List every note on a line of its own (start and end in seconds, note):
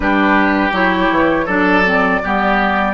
0.00 0.71 G3
0.00 0.72 D4
0.00 1.45 G4
0.00 0.73 B4
0.72 1.09 F#3
0.72 1.46 E4
0.72 1.47 C#5
1.10 1.47 E3
1.45 2.21 F#3
1.45 1.84 D4
1.45 2.19 A4
1.45 2.94 D5
1.84 2.21 C4
2.23 2.94 G3
2.23 2.94 B3
2.23 2.94 G4